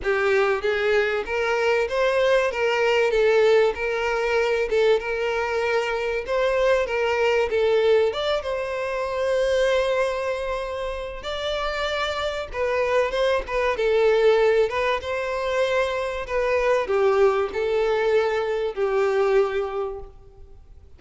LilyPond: \new Staff \with { instrumentName = "violin" } { \time 4/4 \tempo 4 = 96 g'4 gis'4 ais'4 c''4 | ais'4 a'4 ais'4. a'8 | ais'2 c''4 ais'4 | a'4 d''8 c''2~ c''8~ |
c''2 d''2 | b'4 c''8 b'8 a'4. b'8 | c''2 b'4 g'4 | a'2 g'2 | }